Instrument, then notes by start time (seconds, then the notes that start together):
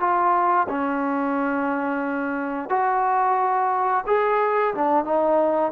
trombone
0.00 F4
0.69 C#4
2.70 F#4
4.07 G#4
4.75 D4
5.05 D#4